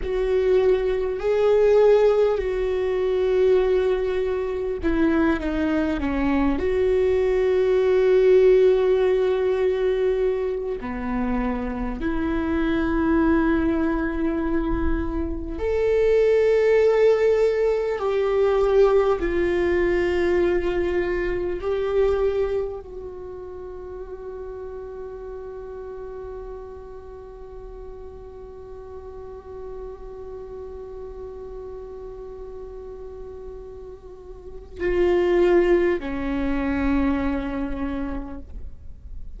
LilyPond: \new Staff \with { instrumentName = "viola" } { \time 4/4 \tempo 4 = 50 fis'4 gis'4 fis'2 | e'8 dis'8 cis'8 fis'2~ fis'8~ | fis'4 b4 e'2~ | e'4 a'2 g'4 |
f'2 g'4 fis'4~ | fis'1~ | fis'1~ | fis'4 f'4 cis'2 | }